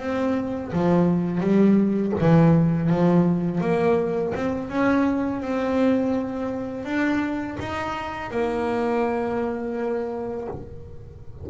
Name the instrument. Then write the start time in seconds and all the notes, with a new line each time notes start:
double bass
0.00 C4
0.73 F3
1.41 G3
2.21 E3
2.90 F3
3.61 A#3
4.35 C4
4.70 C#4
5.42 C4
6.85 D4
7.60 D#4
8.31 A#3